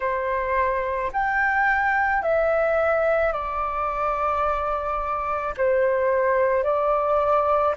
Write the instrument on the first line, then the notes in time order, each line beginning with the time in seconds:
flute
0.00 C5
1.12 G5
2.22 E5
3.32 D5
5.57 C5
6.63 D5